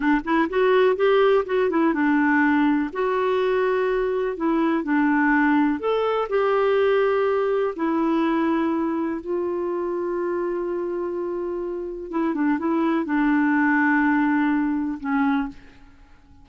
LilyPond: \new Staff \with { instrumentName = "clarinet" } { \time 4/4 \tempo 4 = 124 d'8 e'8 fis'4 g'4 fis'8 e'8 | d'2 fis'2~ | fis'4 e'4 d'2 | a'4 g'2. |
e'2. f'4~ | f'1~ | f'4 e'8 d'8 e'4 d'4~ | d'2. cis'4 | }